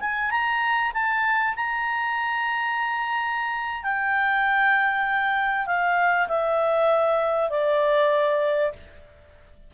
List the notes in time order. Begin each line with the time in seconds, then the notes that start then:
0.00 G#5
0.31 A#5
0.94 A5
1.56 A#5
3.83 G5
5.66 F5
6.28 E5
7.50 D5